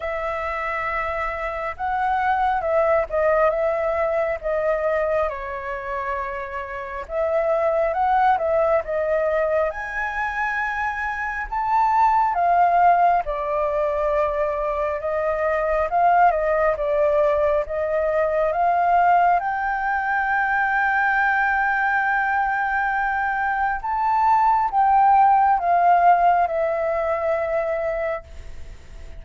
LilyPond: \new Staff \with { instrumentName = "flute" } { \time 4/4 \tempo 4 = 68 e''2 fis''4 e''8 dis''8 | e''4 dis''4 cis''2 | e''4 fis''8 e''8 dis''4 gis''4~ | gis''4 a''4 f''4 d''4~ |
d''4 dis''4 f''8 dis''8 d''4 | dis''4 f''4 g''2~ | g''2. a''4 | g''4 f''4 e''2 | }